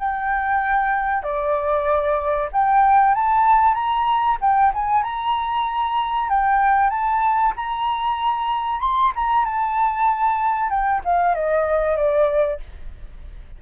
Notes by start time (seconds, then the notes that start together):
0.00 G5
1.23 D5
2.52 G5
3.15 A5
3.75 A#5
4.42 G5
4.74 G#5
5.04 A#5
6.30 G5
6.90 A5
7.57 A#5
8.81 C6
9.16 A#5
9.45 A5
10.70 G5
11.05 F5
11.35 D#5
11.97 D5